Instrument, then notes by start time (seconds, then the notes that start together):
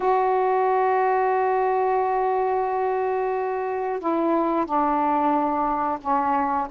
saxophone
0.00 F#4
3.99 E4
4.65 D4
6.01 C#4